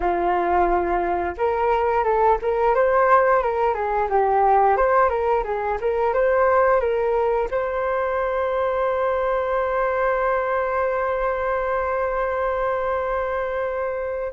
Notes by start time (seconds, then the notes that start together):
0.00 F4
1.37 A#4
2.03 A4
2.41 A#4
2.75 C5
3.42 A#4
3.73 G#4
4.09 G4
4.77 C5
5.09 A#4
5.44 G#4
5.80 A#4
6.13 C5
6.80 A#4
7.50 C5